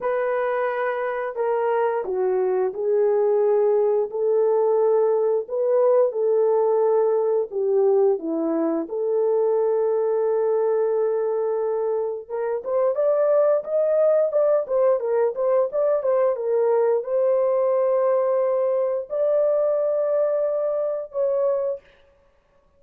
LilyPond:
\new Staff \with { instrumentName = "horn" } { \time 4/4 \tempo 4 = 88 b'2 ais'4 fis'4 | gis'2 a'2 | b'4 a'2 g'4 | e'4 a'2.~ |
a'2 ais'8 c''8 d''4 | dis''4 d''8 c''8 ais'8 c''8 d''8 c''8 | ais'4 c''2. | d''2. cis''4 | }